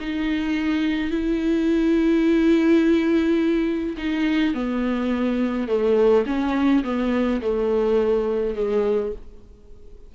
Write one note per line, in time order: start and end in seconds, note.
0.00 1.10 D#4
1.10 3.96 E4
3.97 4.54 D#4
4.54 5.68 B3
5.68 6.25 A3
6.26 6.83 C#4
6.83 7.41 B3
7.41 8.55 A3
8.55 9.12 G#3